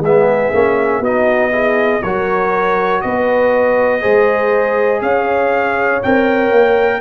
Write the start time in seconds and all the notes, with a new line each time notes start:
0.00 G#3 G#4 E5
0.06 B3
0.54 A#3 C#4
1.00 B3 D#4 F#4 D#5
1.52 E4 G#4
2.03 F#3 F#4 A#4 C#5
3.02 B3 B4 D#5
4.02 G#3 G#4 C5
5.02 C#4 C#5 F5
6.03 C4 A#4 G5
6.52 A#3